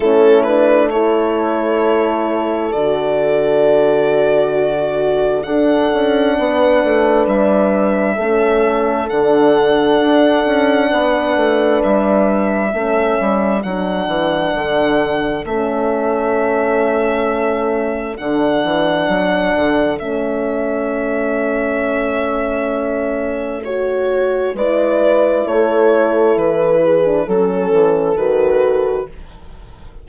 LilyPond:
<<
  \new Staff \with { instrumentName = "violin" } { \time 4/4 \tempo 4 = 66 a'8 b'8 cis''2 d''4~ | d''2 fis''2 | e''2 fis''2~ | fis''4 e''2 fis''4~ |
fis''4 e''2. | fis''2 e''2~ | e''2 cis''4 d''4 | cis''4 b'4 a'4 b'4 | }
  \new Staff \with { instrumentName = "horn" } { \time 4/4 e'4 a'2.~ | a'4 fis'4 a'4 b'4~ | b'4 a'2. | b'2 a'2~ |
a'1~ | a'1~ | a'2. b'4 | a'4. gis'8 a'2 | }
  \new Staff \with { instrumentName = "horn" } { \time 4/4 cis'8 d'8 e'2 fis'4~ | fis'2 d'2~ | d'4 cis'4 d'2~ | d'2 cis'4 d'4~ |
d'4 cis'2. | d'2 cis'2~ | cis'2 fis'4 e'4~ | e'4.~ e'16 d'16 cis'4 fis'4 | }
  \new Staff \with { instrumentName = "bassoon" } { \time 4/4 a2. d4~ | d2 d'8 cis'8 b8 a8 | g4 a4 d4 d'8 cis'8 | b8 a8 g4 a8 g8 fis8 e8 |
d4 a2. | d8 e8 fis8 d8 a2~ | a2. gis4 | a4 e4 fis8 e8 dis4 | }
>>